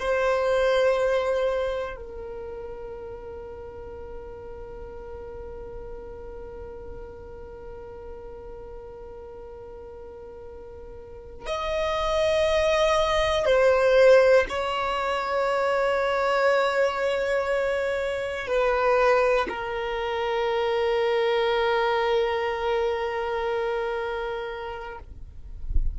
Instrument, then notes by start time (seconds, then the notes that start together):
violin
0.00 C5
1.97 A#4
11.46 D#5
13.46 C5
14.49 C#5
18.48 B4
19.49 A#4